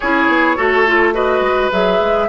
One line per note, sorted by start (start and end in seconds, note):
0.00 0.27 C#4
0.00 0.57 E4
0.00 0.56 G#4
0.00 1.12 C#5
0.27 0.56 B3
0.56 1.40 A3
0.56 0.85 F#4
0.56 1.14 A4
0.86 1.13 F4
1.13 1.70 F#4
1.13 2.28 B4
1.13 1.70 D#5
1.40 1.69 G#3
1.71 2.00 F#3
1.71 2.28 G#4
1.71 2.28 E5
2.00 2.28 G#3